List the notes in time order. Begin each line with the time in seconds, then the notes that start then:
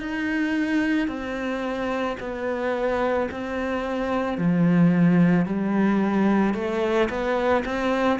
0.00 D#4
1.08 C4
2.20 B3
3.31 C4
4.37 F3
5.45 G3
6.54 A3
7.09 B3
7.65 C4